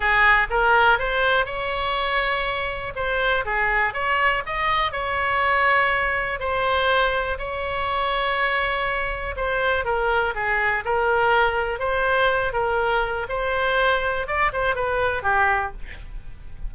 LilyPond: \new Staff \with { instrumentName = "oboe" } { \time 4/4 \tempo 4 = 122 gis'4 ais'4 c''4 cis''4~ | cis''2 c''4 gis'4 | cis''4 dis''4 cis''2~ | cis''4 c''2 cis''4~ |
cis''2. c''4 | ais'4 gis'4 ais'2 | c''4. ais'4. c''4~ | c''4 d''8 c''8 b'4 g'4 | }